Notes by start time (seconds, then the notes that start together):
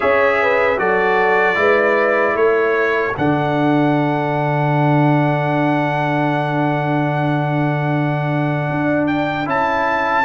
0.00 C#4 G#4 C#5 E5
0.42 B4
0.78 F#3 F#4 A4 D5
1.55 G#3 E4 B4
2.34 A3 A4 C#5
3.16 D3 D4 F#5
8.70 D4
9.07 G5
9.45 C#4 E4 A5